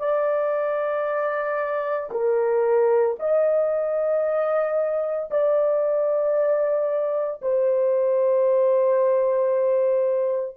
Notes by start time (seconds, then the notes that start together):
0.00 D5
2.11 A#4
3.20 D#5
5.31 D5
7.42 C5